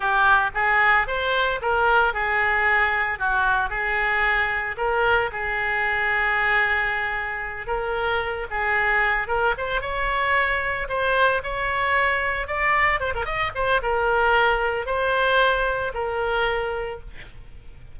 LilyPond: \new Staff \with { instrumentName = "oboe" } { \time 4/4 \tempo 4 = 113 g'4 gis'4 c''4 ais'4 | gis'2 fis'4 gis'4~ | gis'4 ais'4 gis'2~ | gis'2~ gis'8 ais'4. |
gis'4. ais'8 c''8 cis''4.~ | cis''8 c''4 cis''2 d''8~ | d''8 c''16 ais'16 dis''8 c''8 ais'2 | c''2 ais'2 | }